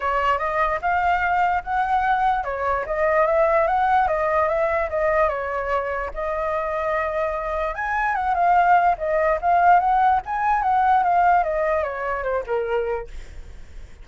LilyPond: \new Staff \with { instrumentName = "flute" } { \time 4/4 \tempo 4 = 147 cis''4 dis''4 f''2 | fis''2 cis''4 dis''4 | e''4 fis''4 dis''4 e''4 | dis''4 cis''2 dis''4~ |
dis''2. gis''4 | fis''8 f''4. dis''4 f''4 | fis''4 gis''4 fis''4 f''4 | dis''4 cis''4 c''8 ais'4. | }